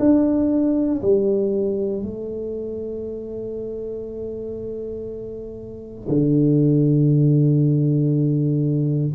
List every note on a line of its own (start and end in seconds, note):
0.00 1.02 D4
1.02 2.03 G3
2.03 6.09 A3
6.09 9.14 D3